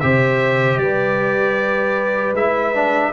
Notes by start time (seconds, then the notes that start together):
0.00 C3 G4 C5 E5
0.78 G3 B4 D5
2.33 G#3 E4 E5
2.75 D4